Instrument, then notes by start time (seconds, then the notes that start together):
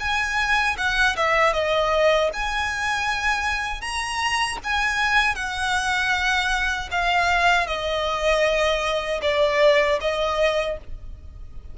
violin
0.00 G#5
0.78 F#5
1.17 E5
1.53 D#5
2.34 G#5
3.81 A#5
4.64 G#5
5.36 F#5
6.92 F5
7.67 D#5
9.22 D5
10.01 D#5